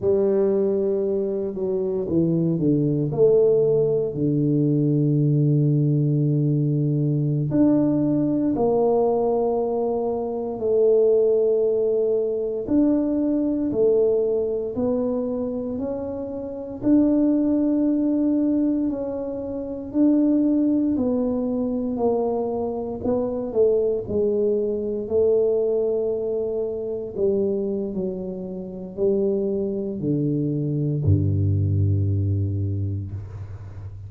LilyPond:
\new Staff \with { instrumentName = "tuba" } { \time 4/4 \tempo 4 = 58 g4. fis8 e8 d8 a4 | d2.~ d16 d'8.~ | d'16 ais2 a4.~ a16~ | a16 d'4 a4 b4 cis'8.~ |
cis'16 d'2 cis'4 d'8.~ | d'16 b4 ais4 b8 a8 gis8.~ | gis16 a2 g8. fis4 | g4 d4 g,2 | }